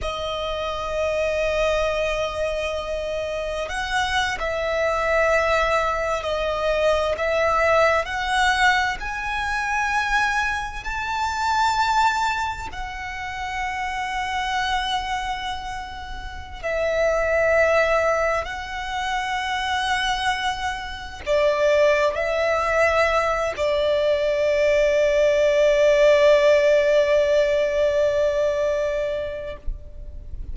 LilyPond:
\new Staff \with { instrumentName = "violin" } { \time 4/4 \tempo 4 = 65 dis''1 | fis''8. e''2 dis''4 e''16~ | e''8. fis''4 gis''2 a''16~ | a''4.~ a''16 fis''2~ fis''16~ |
fis''2 e''2 | fis''2. d''4 | e''4. d''2~ d''8~ | d''1 | }